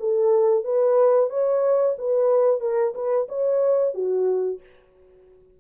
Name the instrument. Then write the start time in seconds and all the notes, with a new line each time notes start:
horn
0.00 A4
0.65 B4
1.30 C#5
1.99 B4
2.61 A#4
2.95 B4
3.29 C#5
3.94 F#4